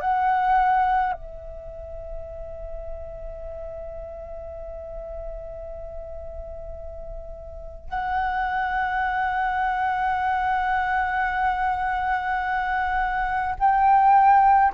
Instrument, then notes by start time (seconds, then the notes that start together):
flute
0.00 F#5
1.12 E5
7.89 F#5
13.59 G5